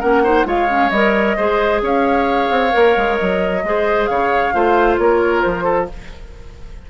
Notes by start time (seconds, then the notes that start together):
0.00 A#3 C#4 A#4 F#5
0.24 D#4 C5
0.46 G#3 F4 C#5 F5
0.69 C#4
0.90 G3 A#4 D#5
1.37 G#3 G#4 C5
1.82 C#4 C#5 F5
2.50 C4
2.71 A#3 A#4
2.97 G#3
3.18 F#3 D#5
3.64 G#3 G#4 C5
4.07 C#3 C#5 F5
4.54 A3 F4 C5
4.98 A#3 A#4 C#5
5.42 F3 C5
5.64 A4